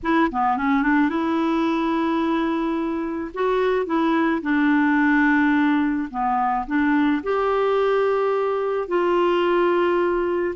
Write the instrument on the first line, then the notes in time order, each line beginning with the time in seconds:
clarinet
0.03 E4
0.31 B3
0.57 C#4
0.82 D4
1.09 E4
3.34 F#4
3.86 E4
4.42 D4
6.10 B3
6.66 D4
7.23 G4
8.88 F4